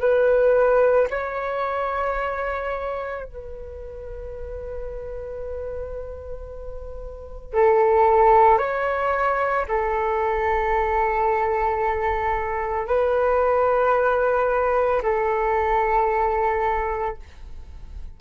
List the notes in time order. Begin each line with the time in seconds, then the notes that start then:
0.00 B4
1.10 C#5
3.24 B4
7.53 A4
8.58 C#5
9.68 A4
12.87 B4
15.02 A4